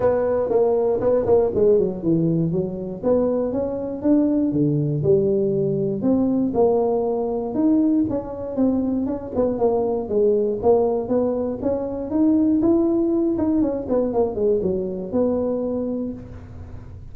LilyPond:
\new Staff \with { instrumentName = "tuba" } { \time 4/4 \tempo 4 = 119 b4 ais4 b8 ais8 gis8 fis8 | e4 fis4 b4 cis'4 | d'4 d4 g2 | c'4 ais2 dis'4 |
cis'4 c'4 cis'8 b8 ais4 | gis4 ais4 b4 cis'4 | dis'4 e'4. dis'8 cis'8 b8 | ais8 gis8 fis4 b2 | }